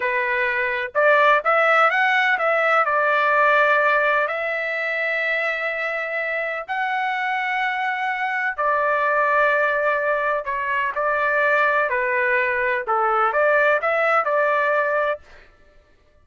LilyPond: \new Staff \with { instrumentName = "trumpet" } { \time 4/4 \tempo 4 = 126 b'2 d''4 e''4 | fis''4 e''4 d''2~ | d''4 e''2.~ | e''2 fis''2~ |
fis''2 d''2~ | d''2 cis''4 d''4~ | d''4 b'2 a'4 | d''4 e''4 d''2 | }